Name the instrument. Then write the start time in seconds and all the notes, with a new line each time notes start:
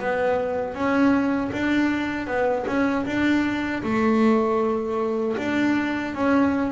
double bass
0.00 B3
0.74 C#4
1.53 D4
2.28 B3
2.67 C#4
3.06 D4
3.84 A3
5.38 D4
6.15 C#4